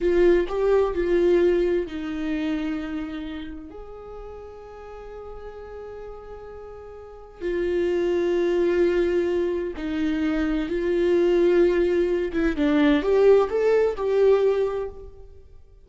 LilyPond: \new Staff \with { instrumentName = "viola" } { \time 4/4 \tempo 4 = 129 f'4 g'4 f'2 | dis'1 | gis'1~ | gis'1 |
f'1~ | f'4 dis'2 f'4~ | f'2~ f'8 e'8 d'4 | g'4 a'4 g'2 | }